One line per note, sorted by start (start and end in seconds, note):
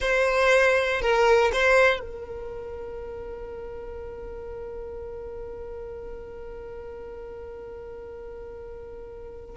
0.00 1.01 C5
1.01 1.51 A#4
1.52 1.99 C5
1.99 9.56 A#4